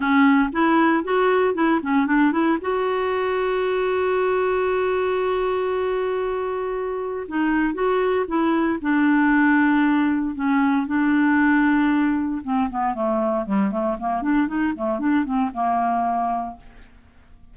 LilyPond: \new Staff \with { instrumentName = "clarinet" } { \time 4/4 \tempo 4 = 116 cis'4 e'4 fis'4 e'8 cis'8 | d'8 e'8 fis'2.~ | fis'1~ | fis'2 dis'4 fis'4 |
e'4 d'2. | cis'4 d'2. | c'8 b8 a4 g8 a8 ais8 d'8 | dis'8 a8 d'8 c'8 ais2 | }